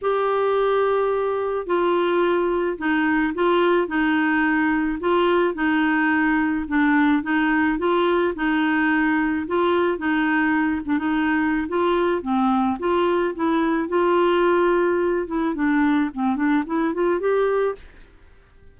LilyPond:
\new Staff \with { instrumentName = "clarinet" } { \time 4/4 \tempo 4 = 108 g'2. f'4~ | f'4 dis'4 f'4 dis'4~ | dis'4 f'4 dis'2 | d'4 dis'4 f'4 dis'4~ |
dis'4 f'4 dis'4. d'16 dis'16~ | dis'4 f'4 c'4 f'4 | e'4 f'2~ f'8 e'8 | d'4 c'8 d'8 e'8 f'8 g'4 | }